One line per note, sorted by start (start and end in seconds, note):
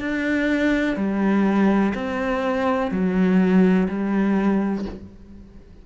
0.00 0.96 D4
0.96 1.93 G3
1.94 2.91 C4
2.91 3.88 F#3
3.88 4.85 G3